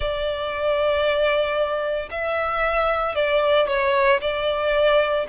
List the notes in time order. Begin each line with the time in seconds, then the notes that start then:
0.00 D5
2.11 E5
3.15 D5
3.67 C#5
4.21 D5